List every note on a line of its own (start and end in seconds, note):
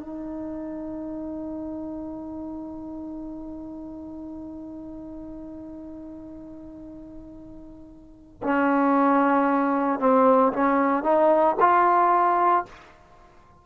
0.00 8.42 D#4
8.44 10.00 C#4
10.00 10.53 C4
10.53 11.03 C#4
11.03 11.56 D#4
11.60 12.66 F4